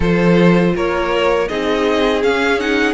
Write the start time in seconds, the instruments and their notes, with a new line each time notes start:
0.00 cello F3, viola F4, violin A4 C5
0.75 cello A#3, violin A#4 C#5
1.48 cello C4, viola D#4, violin G#4 D#5
2.23 viola C#4, cello C#4, violin F5
2.59 viola D#4, violin F#5